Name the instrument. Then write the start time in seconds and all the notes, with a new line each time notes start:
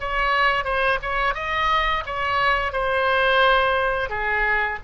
oboe
0.00 C#5
0.65 C5
1.02 C#5
1.35 D#5
2.06 C#5
2.72 C5
4.10 G#4